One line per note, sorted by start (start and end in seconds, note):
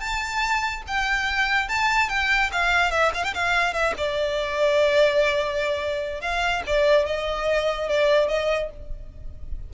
0.00 0.83 A5
0.87 1.69 G5
1.69 2.09 A5
2.09 2.50 G5
2.52 2.91 F5
2.91 3.12 E5
3.14 3.24 F5
3.24 3.34 G5
3.34 3.73 F5
3.73 3.94 E5
3.98 6.21 D5
6.21 6.63 F5
6.67 7.06 D5
7.06 7.89 D#5
7.89 8.28 D5
8.28 8.70 D#5